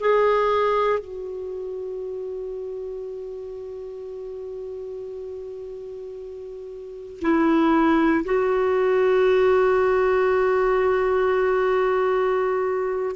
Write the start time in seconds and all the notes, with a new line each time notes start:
0.00 G#4
0.99 F#4
7.21 E4
8.25 F#4